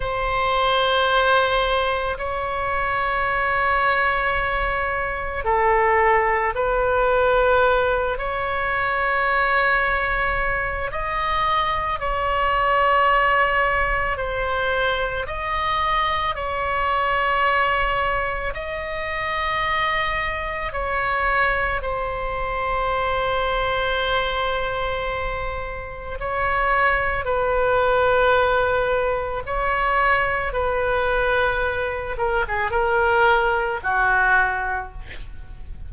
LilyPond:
\new Staff \with { instrumentName = "oboe" } { \time 4/4 \tempo 4 = 55 c''2 cis''2~ | cis''4 a'4 b'4. cis''8~ | cis''2 dis''4 cis''4~ | cis''4 c''4 dis''4 cis''4~ |
cis''4 dis''2 cis''4 | c''1 | cis''4 b'2 cis''4 | b'4. ais'16 gis'16 ais'4 fis'4 | }